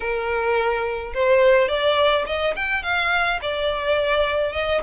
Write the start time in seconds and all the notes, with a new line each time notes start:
0.00 A#4
1.14 C5
1.68 D5
2.26 D#5
2.55 G5
2.83 F5
3.41 D5
4.52 D#5